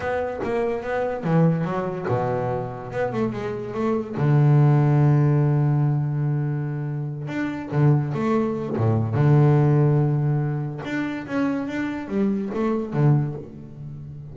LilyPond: \new Staff \with { instrumentName = "double bass" } { \time 4/4 \tempo 4 = 144 b4 ais4 b4 e4 | fis4 b,2 b8 a8 | gis4 a4 d2~ | d1~ |
d4. d'4 d4 a8~ | a4 a,4 d2~ | d2 d'4 cis'4 | d'4 g4 a4 d4 | }